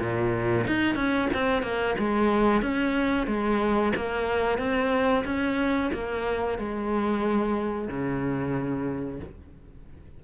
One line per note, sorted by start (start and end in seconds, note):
0.00 0.66 A#2
0.67 0.96 D#4
0.96 1.29 C#4
1.34 1.62 C4
1.62 1.95 A#3
1.99 2.62 G#3
2.62 3.27 C#4
3.27 3.93 G#3
3.97 4.59 A#3
4.59 5.24 C4
5.25 5.91 C#4
5.93 6.59 A#3
6.59 7.88 G#3
7.88 9.20 C#3